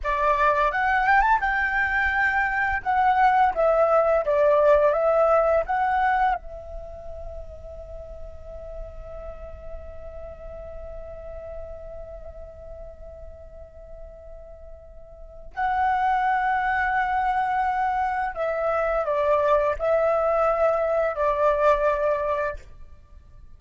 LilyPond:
\new Staff \with { instrumentName = "flute" } { \time 4/4 \tempo 4 = 85 d''4 fis''8 g''16 a''16 g''2 | fis''4 e''4 d''4 e''4 | fis''4 e''2.~ | e''1~ |
e''1~ | e''2 fis''2~ | fis''2 e''4 d''4 | e''2 d''2 | }